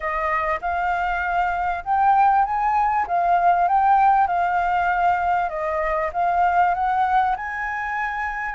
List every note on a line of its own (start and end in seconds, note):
0.00 0.59 D#5
0.61 1.83 F5
1.84 2.44 G5
2.44 3.06 G#5
3.07 3.68 F5
3.68 4.27 G5
4.27 5.49 F5
5.49 6.10 D#5
6.13 6.74 F5
6.74 7.35 F#5
7.36 8.54 G#5